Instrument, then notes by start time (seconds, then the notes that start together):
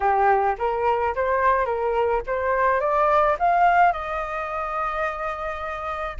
flute
0.00 G4
0.58 A#4
1.15 C5
1.65 A#4
2.26 C5
2.80 D5
3.39 F5
3.92 D#5